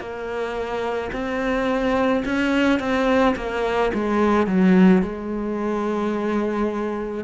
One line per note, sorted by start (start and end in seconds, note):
0.00 1.11 A#3
1.13 2.24 C4
2.25 2.80 C#4
2.80 3.35 C4
3.36 3.91 A#3
3.94 4.46 G#3
4.46 5.02 F#3
5.02 7.24 G#3